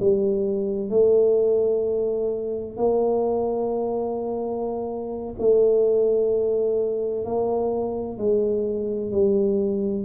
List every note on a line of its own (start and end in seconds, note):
0.00 0.90 G3
0.90 2.77 A3
2.77 5.35 A#3
5.39 7.25 A3
7.25 8.18 A#3
8.18 9.12 G#3
9.12 10.05 G3